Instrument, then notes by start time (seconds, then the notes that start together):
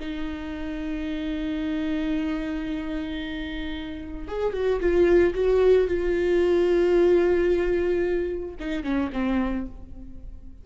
viola
0.00 D#4
4.28 G#4
4.53 F#4
4.80 F4
5.34 F#4
5.88 F4
8.60 D#4
8.83 C#4
9.13 C4